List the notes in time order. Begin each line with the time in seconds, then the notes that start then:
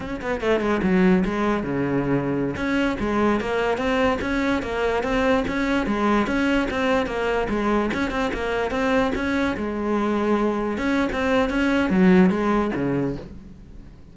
0.00 C#4
0.21 B3
0.41 A3
0.60 G#3
0.82 F#3
1.24 G#3
1.63 C#3
2.56 C#4
2.99 G#3
3.40 A#3
3.77 C4
4.21 C#4
4.62 A#3
5.03 C4
5.47 C#4
5.86 G#3
6.26 C#4
6.70 C4
7.06 A#3
7.49 G#3
7.93 C#4
8.10 C4
8.33 A#3
8.70 C4
9.15 C#4
9.56 G#3
10.77 C#4
11.12 C4
11.49 C#4
11.90 F#3
12.30 G#3
12.75 C#3